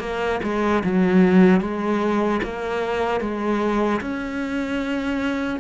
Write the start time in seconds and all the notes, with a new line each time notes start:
0.00 A#3
0.44 G#3
0.84 F#3
1.61 G#3
2.44 A#3
3.21 G#3
4.01 C#4